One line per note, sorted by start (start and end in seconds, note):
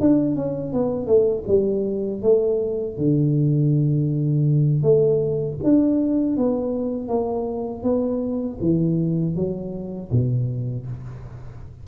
0.00 0.35 D4
0.35 0.73 C#4
0.73 1.07 B3
1.07 1.44 A3
1.48 2.22 G3
2.22 2.97 A3
2.97 4.83 D3
4.83 5.58 A3
5.64 6.37 D4
6.37 7.08 B3
7.08 7.83 A#3
7.83 8.58 B3
8.60 9.35 E3
9.35 10.10 F#3
10.11 10.86 B2